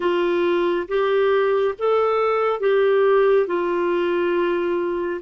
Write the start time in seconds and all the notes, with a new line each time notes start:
0.00 F4
0.87 G4
1.78 A4
2.60 G4
3.46 F4